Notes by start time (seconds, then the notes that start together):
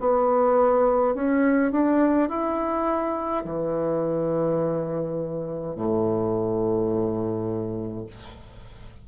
0.00 B3
1.14 C#4
1.72 D4
2.29 E4
3.45 E3
5.75 A2